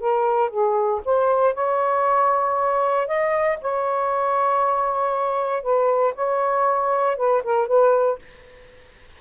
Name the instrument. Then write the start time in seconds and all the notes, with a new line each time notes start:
saxophone
0.00 A#4
0.50 G#4
1.05 C5
1.54 C#5
3.07 D#5
3.62 C#5
5.63 B4
6.15 C#5
7.17 B4
7.43 A#4
7.68 B4